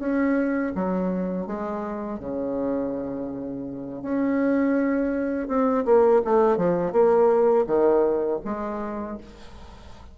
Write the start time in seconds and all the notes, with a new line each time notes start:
0.00 C#4
0.75 F#3
1.47 G#3
2.20 C#3
4.02 C#4
5.48 C4
5.86 A#3
6.25 A3
6.58 F3
6.92 A#3
7.67 D#3
8.45 G#3